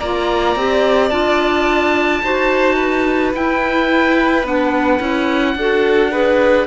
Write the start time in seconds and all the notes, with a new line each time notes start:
0.00 A#3 F4 D5 A#5
0.56 C4 G4
1.10 D4 F4 A5
2.23 D#4 F#4 C5
2.75 B4
3.34 E4 G5
4.44 B3 D4 F#5
5.00 C#4 E4
5.56 D4 F#4 A4
6.11 G#4 B4